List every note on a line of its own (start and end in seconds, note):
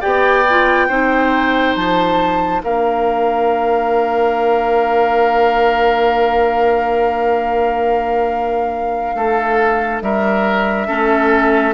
0.00 0.89 B3
0.00 0.45 G4
0.00 0.87 D5
0.00 1.75 G5
0.50 0.89 F4
0.88 1.76 C4
0.88 2.63 D#4
0.88 2.62 C5
1.75 2.63 F3
1.75 2.62 A5
2.63 9.15 A#3
2.63 10.87 D4
2.63 9.15 A#4
2.63 10.02 F5
9.15 10.01 A3
9.15 10.03 A4
10.01 10.88 G3
10.01 10.87 A#4
10.01 11.73 E5
10.87 11.73 A3
10.87 11.73 C#4
10.87 11.73 A4